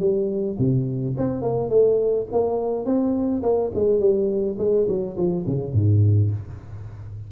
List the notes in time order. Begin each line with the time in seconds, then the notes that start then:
0.00 G3
0.59 C3
1.18 C4
1.42 A#3
1.70 A3
2.32 A#3
2.85 C4
3.43 A#3
3.75 G#3
4.00 G3
4.58 G#3
4.88 F#3
5.17 F3
5.47 C#3
5.74 G#2